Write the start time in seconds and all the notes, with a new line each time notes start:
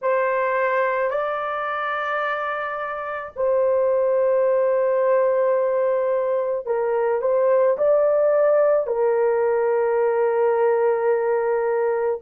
0.01 C5
1.10 D5
3.36 C5
6.66 A#4
7.21 C5
7.77 D5
8.86 A#4